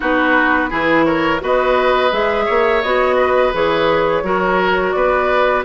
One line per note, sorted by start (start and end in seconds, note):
0.00 0.71 B3
0.00 0.69 D#4
0.00 0.70 F#4
0.00 1.04 B4
0.69 1.42 E3
0.69 1.39 E4
0.69 1.05 G#4
1.04 1.41 A#4
1.04 1.40 C#5
1.39 2.11 B3
1.39 2.10 F#4
1.39 2.45 B4
1.39 2.12 D#5
2.11 2.47 G#3
2.11 2.82 G#4
2.11 2.82 E5
2.45 2.83 A#3
2.45 3.16 C#5
2.82 3.53 B3
2.82 3.53 F#4
2.82 3.52 D#5
3.16 4.22 B4
3.53 4.22 E3
3.53 4.23 G#4
3.53 4.91 C#5
4.22 4.93 F#3
4.22 5.65 F#4
4.22 4.95 A#4
4.91 5.65 B3
4.91 5.65 B4
4.91 5.62 D5